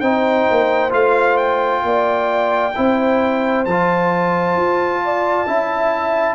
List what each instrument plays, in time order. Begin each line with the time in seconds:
0.00 tuba C4, trombone D#4, horn C5, trumpet G5
0.50 tuba A#3
0.90 tuba A3, trombone F4, trumpet F5
1.37 trumpet G5
1.83 tuba A#3, horn D5
2.75 tuba C4, trombone E4, horn C5
3.65 tuba F3, trombone F4, trumpet A5
4.55 tuba F4
5.05 horn D5
5.46 tuba C#4, trombone E4, horn E5